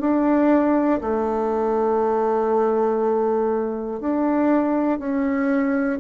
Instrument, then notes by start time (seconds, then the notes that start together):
bassoon
0.00 D4
1.01 A3
4.00 D4
5.00 C#4